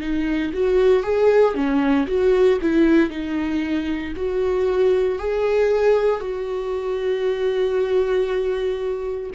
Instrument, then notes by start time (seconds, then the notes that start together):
viola
0.00 D#4
0.53 F#4
1.03 G#4
1.54 C#4
2.07 F#4
2.61 E4
3.10 D#4
4.16 F#4
5.19 G#4
6.20 F#4